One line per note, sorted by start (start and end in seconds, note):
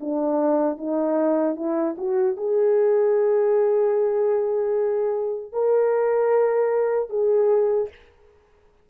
0.00 0.78 D4
0.78 1.56 D#4
1.56 1.95 E4
1.97 2.36 F#4
2.36 5.52 G#4
5.52 7.09 A#4
7.09 7.88 G#4